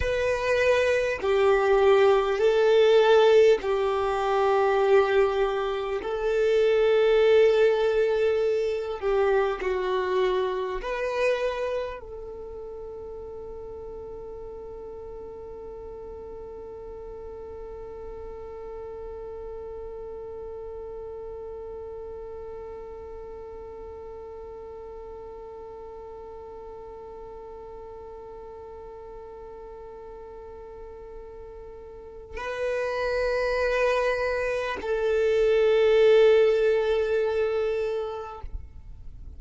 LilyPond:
\new Staff \with { instrumentName = "violin" } { \time 4/4 \tempo 4 = 50 b'4 g'4 a'4 g'4~ | g'4 a'2~ a'8 g'8 | fis'4 b'4 a'2~ | a'1~ |
a'1~ | a'1~ | a'2. b'4~ | b'4 a'2. | }